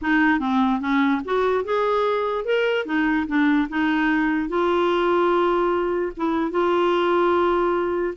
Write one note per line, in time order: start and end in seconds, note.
0.01 0.39 D#4
0.39 0.80 C4
0.80 1.21 C#4
1.24 1.64 F#4
1.64 2.44 G#4
2.44 2.85 A#4
2.85 3.26 D#4
3.27 3.68 D4
3.69 4.48 D#4
4.48 6.12 F4
6.16 6.51 E4
6.51 8.14 F4